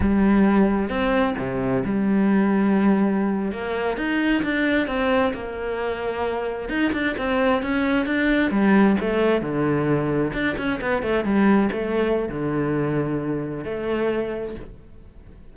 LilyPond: \new Staff \with { instrumentName = "cello" } { \time 4/4 \tempo 4 = 132 g2 c'4 c4 | g2.~ g8. ais16~ | ais8. dis'4 d'4 c'4 ais16~ | ais2~ ais8. dis'8 d'8 c'16~ |
c'8. cis'4 d'4 g4 a16~ | a8. d2 d'8 cis'8 b16~ | b16 a8 g4 a4~ a16 d4~ | d2 a2 | }